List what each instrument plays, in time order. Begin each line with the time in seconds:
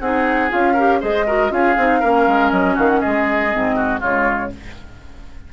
0.00 bassoon C4, clarinet D#4, oboe G#4, flute F#5
0.50 bassoon C#4, clarinet F4, flute F5
0.74 clarinet G4, oboe A#4
1.01 bassoon G#3, clarinet G#4, oboe C5, flute D#5
1.26 clarinet F#4, oboe A#4
1.50 bassoon C#4, clarinet F4, oboe G#4, flute F5
1.77 bassoon C4, clarinet D#4
2.00 bassoon A#3, clarinet C#4, oboe A#4
2.27 bassoon G#3
2.51 bassoon F#3, flute D#5
2.75 bassoon D#3, oboe F#4, flute F5
2.89 flute F#5
3.00 bassoon G#3, oboe G#4, flute D#5
3.51 bassoon G#2, clarinet C4
3.76 oboe F#4
4.00 bassoon C#3, clarinet G#3, oboe F4, flute C#5